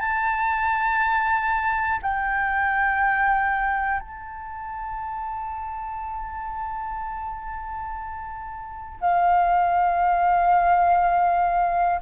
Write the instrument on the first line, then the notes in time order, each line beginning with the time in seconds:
flute
0.00 A5
2.02 G5
4.00 A5
9.00 F5